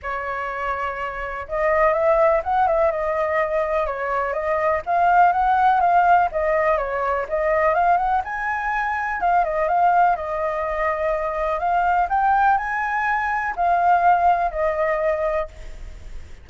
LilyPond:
\new Staff \with { instrumentName = "flute" } { \time 4/4 \tempo 4 = 124 cis''2. dis''4 | e''4 fis''8 e''8 dis''2 | cis''4 dis''4 f''4 fis''4 | f''4 dis''4 cis''4 dis''4 |
f''8 fis''8 gis''2 f''8 dis''8 | f''4 dis''2. | f''4 g''4 gis''2 | f''2 dis''2 | }